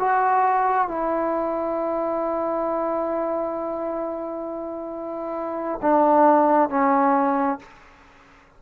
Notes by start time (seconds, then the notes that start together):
0.00 F#4
0.88 E4
5.82 D4
6.70 C#4